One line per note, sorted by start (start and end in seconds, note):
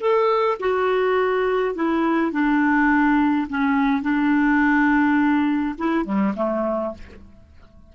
0.00 0.58 A4
0.60 1.75 F#4
1.75 2.32 E4
2.32 3.47 D4
3.49 4.02 C#4
4.02 5.75 D4
5.78 6.04 E4
6.04 6.33 G3
6.36 6.94 A3